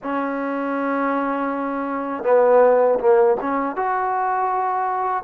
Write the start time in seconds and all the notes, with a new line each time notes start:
0.02 C#4
2.23 B3
2.99 A#3
3.40 C#4
3.75 F#4